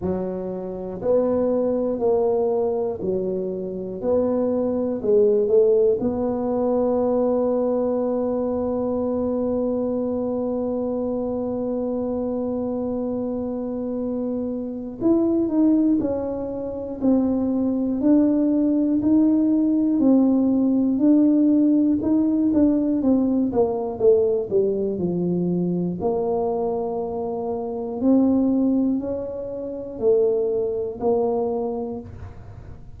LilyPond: \new Staff \with { instrumentName = "tuba" } { \time 4/4 \tempo 4 = 60 fis4 b4 ais4 fis4 | b4 gis8 a8 b2~ | b1~ | b2. e'8 dis'8 |
cis'4 c'4 d'4 dis'4 | c'4 d'4 dis'8 d'8 c'8 ais8 | a8 g8 f4 ais2 | c'4 cis'4 a4 ais4 | }